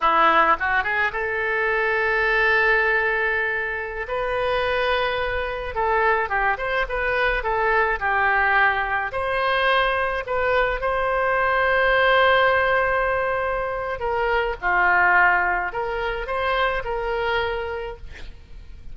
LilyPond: \new Staff \with { instrumentName = "oboe" } { \time 4/4 \tempo 4 = 107 e'4 fis'8 gis'8 a'2~ | a'2.~ a'16 b'8.~ | b'2~ b'16 a'4 g'8 c''16~ | c''16 b'4 a'4 g'4.~ g'16~ |
g'16 c''2 b'4 c''8.~ | c''1~ | c''4 ais'4 f'2 | ais'4 c''4 ais'2 | }